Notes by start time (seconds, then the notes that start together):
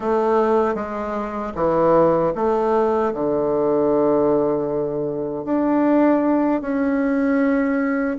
0.00 A3
0.74 G#3
1.55 E3
2.35 A3
3.13 D3
5.44 D4
6.61 C#4